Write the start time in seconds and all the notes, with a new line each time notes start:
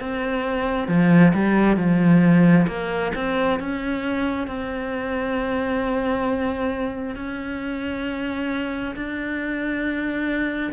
0.00 C4
0.88 F3
1.34 G3
1.77 F3
2.67 A#3
3.15 C4
3.60 C#4
4.47 C4
7.16 C#4
8.96 D4